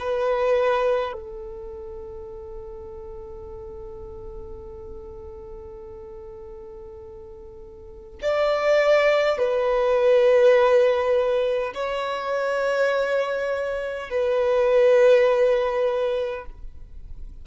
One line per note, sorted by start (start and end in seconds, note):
0.00 1.13 B4
1.13 8.19 A4
8.22 9.39 D5
9.39 11.74 B4
11.75 14.10 C#5
14.10 16.45 B4